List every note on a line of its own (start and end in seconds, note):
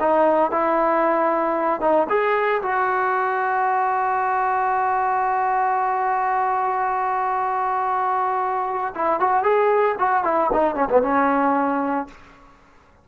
0.00 0.51 D#4
0.51 1.81 E4
1.81 2.07 D#4
2.09 2.61 G#4
2.62 8.94 F#4
8.95 9.20 E4
9.20 9.43 F#4
9.43 9.95 G#4
9.99 10.24 F#4
10.24 10.50 E4
10.53 10.75 D#4
10.75 10.88 C#4
10.89 11.02 B3
11.02 12.07 C#4